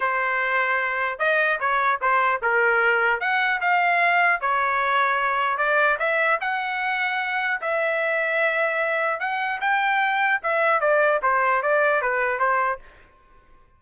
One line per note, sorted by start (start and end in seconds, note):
0.00 1.18 C5
1.18 1.58 D#5
1.60 2.00 C#5
2.01 2.41 C5
2.41 3.20 A#4
3.20 3.60 F#5
3.60 4.40 F5
4.40 5.57 C#5
5.57 5.97 D5
5.99 6.39 E5
6.40 7.60 F#5
7.61 9.19 E5
9.19 9.59 F#5
9.60 10.40 G5
10.42 10.80 E5
10.80 11.20 D5
11.22 11.62 C5
11.62 12.01 D5
12.01 12.39 B4
12.39 12.79 C5